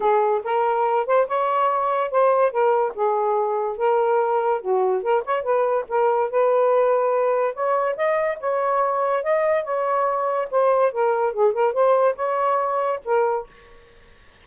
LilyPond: \new Staff \with { instrumentName = "saxophone" } { \time 4/4 \tempo 4 = 143 gis'4 ais'4. c''8 cis''4~ | cis''4 c''4 ais'4 gis'4~ | gis'4 ais'2 fis'4 | ais'8 cis''8 b'4 ais'4 b'4~ |
b'2 cis''4 dis''4 | cis''2 dis''4 cis''4~ | cis''4 c''4 ais'4 gis'8 ais'8 | c''4 cis''2 ais'4 | }